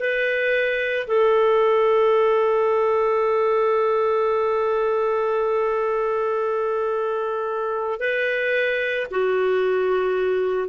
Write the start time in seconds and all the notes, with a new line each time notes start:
0.00 B4
1.08 A4
8.00 B4
9.11 F#4